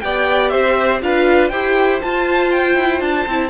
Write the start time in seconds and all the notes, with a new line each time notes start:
0.00 B3 G4 D5 G5
0.49 C4 C5 E5
1.02 D4 F4 B4 F5
1.49 E4 G4 C5 G5
2.02 F4 A5
2.51 G5
2.76 E4
3.01 D4 A5
3.26 C4 E4